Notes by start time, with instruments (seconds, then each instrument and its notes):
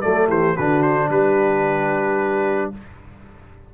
0.00 tuba F#3, trombone A3, horn A4, trumpet D5
0.28 tuba E3, horn G4, trumpet C5
0.55 tuba D3, trombone D4, horn F#4, trumpet B4
0.82 trumpet C5
1.09 tuba G3, horn G4, trumpet B4